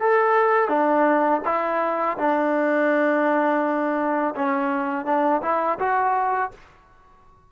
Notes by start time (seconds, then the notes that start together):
0.00 A4
0.68 D4
1.45 E4
2.17 D4
4.35 C#4
5.05 D4
5.42 E4
5.78 F#4